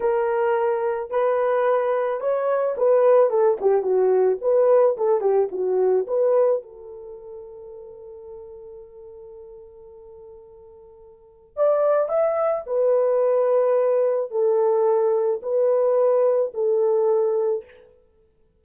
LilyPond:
\new Staff \with { instrumentName = "horn" } { \time 4/4 \tempo 4 = 109 ais'2 b'2 | cis''4 b'4 a'8 g'8 fis'4 | b'4 a'8 g'8 fis'4 b'4 | a'1~ |
a'1~ | a'4 d''4 e''4 b'4~ | b'2 a'2 | b'2 a'2 | }